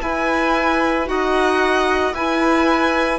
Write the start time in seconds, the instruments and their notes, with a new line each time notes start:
0.00 clarinet E4, bassoon E4, viola B4, violin G#5
1.05 bassoon D#4, clarinet F#4, viola D#5, violin F#5
2.13 bassoon E4, clarinet E4, viola B4, violin G#5